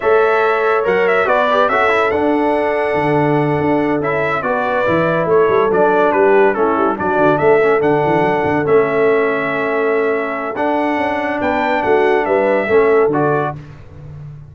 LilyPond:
<<
  \new Staff \with { instrumentName = "trumpet" } { \time 4/4 \tempo 4 = 142 e''2 fis''8 e''8 d''4 | e''4 fis''2.~ | fis''4. e''4 d''4.~ | d''8 cis''4 d''4 b'4 a'8~ |
a'8 d''4 e''4 fis''4.~ | fis''8 e''2.~ e''8~ | e''4 fis''2 g''4 | fis''4 e''2 d''4 | }
  \new Staff \with { instrumentName = "horn" } { \time 4/4 cis''2. b'4 | a'1~ | a'2~ a'8 b'4.~ | b'8 a'2 g'4 e'8~ |
e'8 fis'4 a'2~ a'8~ | a'1~ | a'2. b'4 | fis'4 b'4 a'2 | }
  \new Staff \with { instrumentName = "trombone" } { \time 4/4 a'2 ais'4 fis'8 g'8 | fis'8 e'8 d'2.~ | d'4. e'4 fis'4 e'8~ | e'4. d'2 cis'8~ |
cis'8 d'4. cis'8 d'4.~ | d'8 cis'2.~ cis'8~ | cis'4 d'2.~ | d'2 cis'4 fis'4 | }
  \new Staff \with { instrumentName = "tuba" } { \time 4/4 a2 fis4 b4 | cis'4 d'2 d4~ | d8 d'4 cis'4 b4 e8~ | e8 a8 g8 fis4 g4 a8 |
g8 fis8 d8 a4 d8 e8 fis8 | d8 a2.~ a8~ | a4 d'4 cis'4 b4 | a4 g4 a4 d4 | }
>>